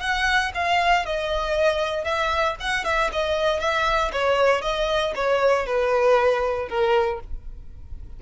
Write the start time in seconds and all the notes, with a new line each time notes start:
0.00 F#5
0.54 F5
1.05 D#5
2.04 E5
2.60 F#5
2.84 E5
3.12 D#5
3.59 E5
4.12 C#5
4.61 D#5
5.15 C#5
5.66 B4
6.69 A#4